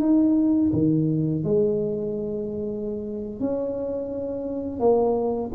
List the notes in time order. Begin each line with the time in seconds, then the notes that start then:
0.00 D#4
0.73 D#3
1.44 G#3
3.40 C#4
4.80 A#3